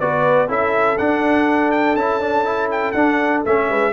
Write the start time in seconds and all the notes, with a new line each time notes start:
0.00 B3 F#4 B4 D5
0.48 C#4 E4 A4 E5
0.98 D4 F#5
1.72 G5
1.95 C#4 E4 A5
2.21 D4
2.45 E4
2.71 G5
2.92 D4 F#5
3.45 A3 C#4 E5
3.69 G#3 B4